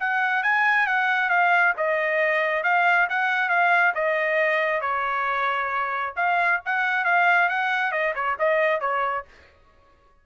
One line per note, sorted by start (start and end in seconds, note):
0.00 0.43 F#5
0.43 0.87 G#5
0.87 1.29 F#5
1.29 1.73 F5
1.77 2.64 D#5
2.64 3.08 F5
3.10 3.49 F#5
3.49 3.93 F5
3.95 4.81 D#5
4.81 6.14 C#5
6.16 6.61 F5
6.65 7.05 F#5
7.05 7.49 F5
7.49 7.92 F#5
7.92 8.14 D#5
8.15 8.37 C#5
8.39 8.81 D#5
8.81 9.25 C#5